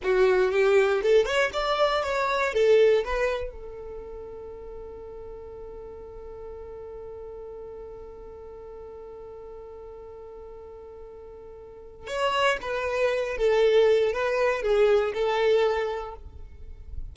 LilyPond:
\new Staff \with { instrumentName = "violin" } { \time 4/4 \tempo 4 = 119 fis'4 g'4 a'8 cis''8 d''4 | cis''4 a'4 b'4 a'4~ | a'1~ | a'1~ |
a'1~ | a'1 | cis''4 b'4. a'4. | b'4 gis'4 a'2 | }